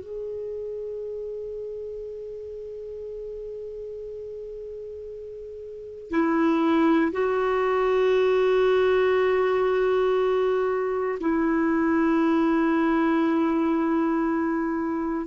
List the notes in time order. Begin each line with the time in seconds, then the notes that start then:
0.00 G#4
6.10 E4
7.12 F#4
11.20 E4